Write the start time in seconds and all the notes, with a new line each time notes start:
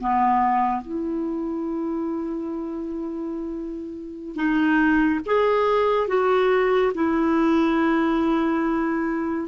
0.00 B3
0.81 E4
4.35 D#4
5.25 G#4
6.07 F#4
6.94 E4